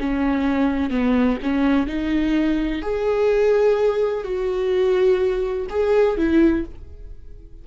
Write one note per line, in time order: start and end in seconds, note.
0.00 0.90 C#4
0.90 1.38 B3
1.43 1.87 C#4
1.87 2.83 D#4
2.83 4.24 G#4
4.24 5.67 F#4
5.70 6.18 G#4
6.18 6.65 E4